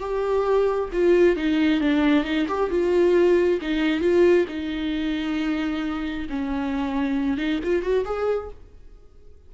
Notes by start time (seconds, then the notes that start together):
0.00 G4
0.93 F4
1.37 D#4
1.81 D4
2.25 D#4
2.49 G4
2.71 F4
3.62 D#4
4.01 F4
4.49 D#4
6.30 C#4
7.38 D#4
7.64 F4
7.83 F#4
8.06 G#4